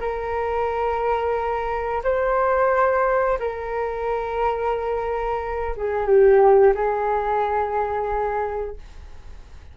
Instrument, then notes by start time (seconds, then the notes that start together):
flute
0.00 A#4
2.03 C5
3.39 A#4
5.76 G#4
6.06 G4
6.74 G#4